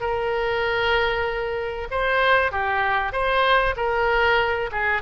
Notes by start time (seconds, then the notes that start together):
0.00 A#4
1.91 C5
2.52 G4
3.12 C5
3.76 A#4
4.72 G#4